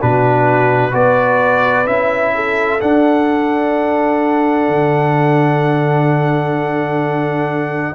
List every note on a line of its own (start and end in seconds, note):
0.00 0.94 B2
0.00 0.91 D4
0.00 0.92 F#4
0.00 0.95 B4
0.91 1.87 B3
0.91 1.85 F#4
0.91 2.33 B4
0.91 1.87 D5
1.86 2.81 C#4
1.86 2.79 E4
1.86 2.80 E5
2.35 7.95 A4
2.80 7.95 D4
2.80 4.69 D4
2.80 7.95 F#5
4.69 7.95 D3